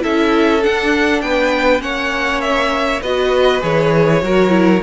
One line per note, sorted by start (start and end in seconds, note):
0.00 0.65 C#4
0.00 0.60 E4
0.00 1.23 A4
0.00 0.63 E5
0.63 1.80 D4
0.63 1.22 D4
0.63 1.21 F#5
1.21 1.81 B3
1.21 1.83 B4
1.21 1.81 G5
1.80 3.01 A#3
1.80 3.00 C#4
1.80 3.02 C#5
1.80 2.41 F#5
2.41 3.01 E5
3.02 3.62 B3
3.02 3.61 F#4
3.02 4.22 B4
3.02 3.62 D#5
3.61 4.22 E3
3.61 4.21 G#4
3.61 4.83 C#5
4.22 4.83 F#3
4.22 4.49 F#4
4.22 4.83 A#4
4.49 4.79 E4